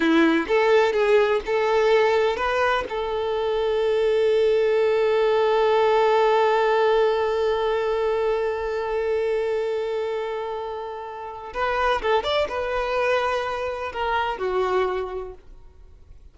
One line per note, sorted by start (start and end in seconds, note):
0.00 0.46 E4
0.47 0.93 A4
0.93 1.41 G#4
1.45 2.36 A4
2.36 2.84 B4
2.89 11.53 A4
11.53 12.01 B4
12.02 12.23 A4
12.23 12.47 D5
12.48 13.92 B4
13.92 14.38 A#4
14.38 15.34 F#4